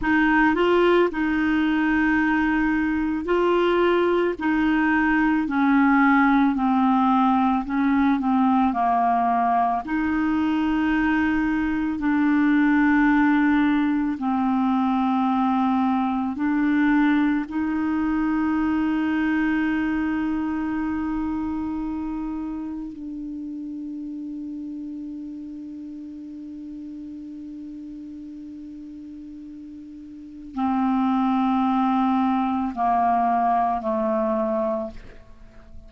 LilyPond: \new Staff \with { instrumentName = "clarinet" } { \time 4/4 \tempo 4 = 55 dis'8 f'8 dis'2 f'4 | dis'4 cis'4 c'4 cis'8 c'8 | ais4 dis'2 d'4~ | d'4 c'2 d'4 |
dis'1~ | dis'4 d'2.~ | d'1 | c'2 ais4 a4 | }